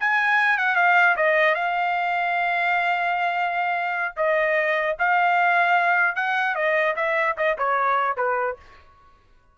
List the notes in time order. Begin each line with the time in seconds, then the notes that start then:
0.00 G#5
0.57 F#5
0.75 F5
1.16 D#5
1.55 F5
4.16 D#5
4.99 F5
6.16 F#5
6.55 D#5
6.96 E5
7.37 D#5
7.58 C#5
8.17 B4